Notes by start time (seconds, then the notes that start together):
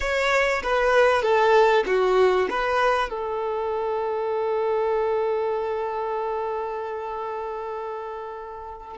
0.00 C#5
0.62 B4
1.22 A4
1.86 F#4
2.50 B4
3.09 A4